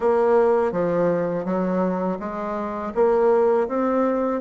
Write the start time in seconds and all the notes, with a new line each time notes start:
0.00 A#3
0.72 F3
1.44 F#3
2.19 G#3
2.94 A#3
3.68 C4